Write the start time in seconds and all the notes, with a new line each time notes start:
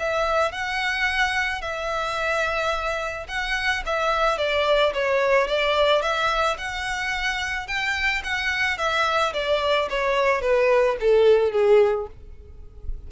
0.00 E5
0.52 F#5
1.62 E5
3.29 F#5
3.86 E5
4.38 D5
4.94 C#5
5.48 D5
6.02 E5
6.58 F#5
7.68 G5
8.24 F#5
8.78 E5
9.34 D5
9.90 C#5
10.42 B4
11.01 A4
11.52 G#4